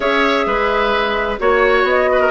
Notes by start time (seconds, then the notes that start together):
0.00 C#4 G#4 C#5 E5
0.46 G#3 B4
1.39 A#3 F#4 C#5
1.83 B3 D#5
2.12 B4
2.20 A#4